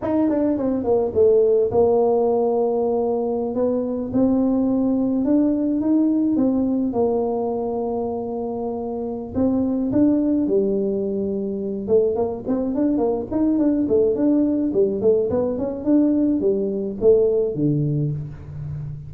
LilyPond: \new Staff \with { instrumentName = "tuba" } { \time 4/4 \tempo 4 = 106 dis'8 d'8 c'8 ais8 a4 ais4~ | ais2~ ais16 b4 c'8.~ | c'4~ c'16 d'4 dis'4 c'8.~ | c'16 ais2.~ ais8.~ |
ais8 c'4 d'4 g4.~ | g4 a8 ais8 c'8 d'8 ais8 dis'8 | d'8 a8 d'4 g8 a8 b8 cis'8 | d'4 g4 a4 d4 | }